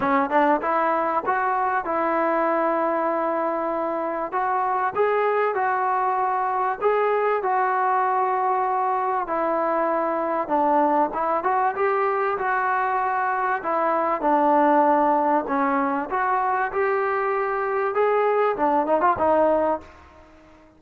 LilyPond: \new Staff \with { instrumentName = "trombone" } { \time 4/4 \tempo 4 = 97 cis'8 d'8 e'4 fis'4 e'4~ | e'2. fis'4 | gis'4 fis'2 gis'4 | fis'2. e'4~ |
e'4 d'4 e'8 fis'8 g'4 | fis'2 e'4 d'4~ | d'4 cis'4 fis'4 g'4~ | g'4 gis'4 d'8 dis'16 f'16 dis'4 | }